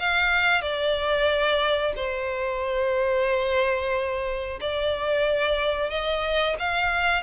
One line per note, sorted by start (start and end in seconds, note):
0.00 0.62 F5
0.62 1.94 D5
1.96 4.60 C5
4.61 5.90 D5
5.90 6.56 D#5
6.60 7.23 F5